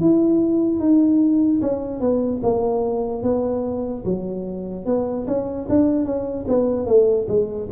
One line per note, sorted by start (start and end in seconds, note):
0.00 0.80 E4
0.80 1.61 D#4
1.62 2.00 C#4
2.00 2.41 B3
2.43 3.23 A#3
3.23 4.04 B3
4.05 4.86 F#3
4.86 5.26 B3
5.27 5.68 C#4
5.69 6.05 D4
6.05 6.46 C#4
6.48 6.86 B3
6.86 7.27 A3
7.28 7.69 G#3